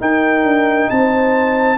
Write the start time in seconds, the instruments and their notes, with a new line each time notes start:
0.00 trombone D#4, tuba D#4, horn A#4, trumpet G5
0.43 tuba D4
0.90 tuba C4, horn C5, trumpet A5